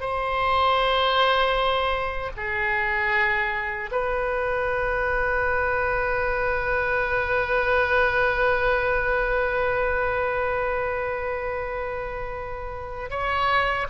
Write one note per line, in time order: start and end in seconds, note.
0.00 2.31 C5
2.37 3.91 G#4
3.91 13.10 B4
13.10 13.87 C#5